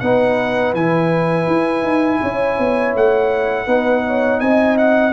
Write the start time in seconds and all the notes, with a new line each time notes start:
0.00 B3 D#4 B4 F#5
0.74 E3 E4 G#5
1.47 E4
1.83 D#4
2.21 C#4 C#5
2.59 B3
2.95 A3 F#5
3.67 B3 D#4 B4
4.07 C#5
4.40 C4 D#5 G#5
4.78 F#5